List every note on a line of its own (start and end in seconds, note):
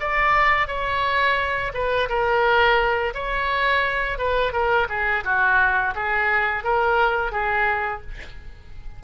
0.00 0.68 D5
0.68 1.72 C#5
1.74 2.09 B4
2.09 3.14 A#4
3.14 4.18 C#5
4.18 4.53 B4
4.53 4.87 A#4
4.89 5.24 G#4
5.25 5.94 F#4
5.95 6.64 G#4
6.64 7.32 A#4
7.32 8.01 G#4